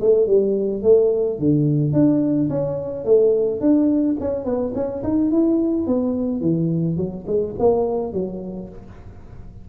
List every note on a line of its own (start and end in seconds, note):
0.00 0.26 A3
0.26 0.82 G3
0.83 1.39 A3
1.39 1.93 D3
1.93 2.49 D4
2.50 3.05 C#4
3.05 3.60 A3
3.60 4.16 D4
4.20 4.45 C#4
4.45 4.73 B3
4.75 5.03 C#4
5.03 5.31 D#4
5.31 5.87 E4
5.87 6.41 B3
6.41 6.97 E3
6.97 7.25 F#3
7.27 7.55 G#3
7.59 8.13 A#3
8.13 8.69 F#3